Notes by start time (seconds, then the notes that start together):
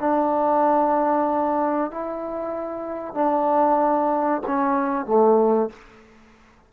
0.00 D4
1.91 E4
3.14 D4
4.47 C#4
5.06 A3